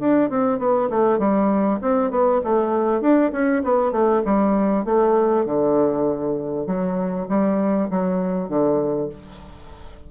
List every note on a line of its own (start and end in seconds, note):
0.00 0.30 D4
0.30 0.59 C4
0.59 0.89 B3
0.90 1.19 A3
1.19 1.80 G3
1.82 2.11 C4
2.11 2.41 B3
2.44 3.01 A3
3.01 3.31 D4
3.33 3.63 C#4
3.64 3.92 B3
3.92 4.23 A3
4.25 4.85 G3
4.85 5.46 A3
5.46 6.67 D3
6.67 7.28 F#3
7.29 7.90 G3
7.91 8.49 F#3
8.49 9.09 D3